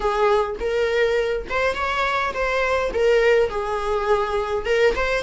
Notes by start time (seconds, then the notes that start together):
0.00 G#4
0.60 A#4
1.49 C5
1.74 C#5
2.33 C5
2.93 A#4
3.49 G#4
4.65 A#4
4.95 C5